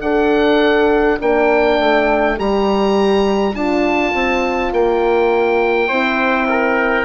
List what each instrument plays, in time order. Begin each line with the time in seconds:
0.00 bassoon D4, horn A4, trumpet D5, oboe F#5
1.19 bassoon A#3, horn D4, oboe G5
1.79 bassoon A3
2.37 bassoon G3, horn G4, oboe A#5
3.54 bassoon D4, horn F4, oboe A5
4.13 bassoon C4
4.72 bassoon A#3, oboe G5
5.87 bassoon C4, horn E4, trumpet C5
6.49 trumpet A#4